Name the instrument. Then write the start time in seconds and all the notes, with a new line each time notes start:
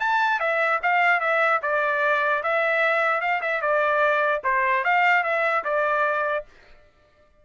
trumpet
0.00 A5
0.40 E5
0.83 F5
1.21 E5
1.63 D5
2.43 E5
3.21 F5
3.42 E5
3.61 D5
4.44 C5
4.84 F5
5.24 E5
5.65 D5